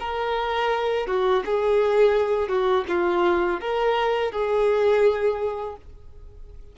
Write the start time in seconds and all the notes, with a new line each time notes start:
0.00 A#4
1.07 F#4
1.46 G#4
2.49 F#4
2.89 F4
3.61 A#4
4.32 G#4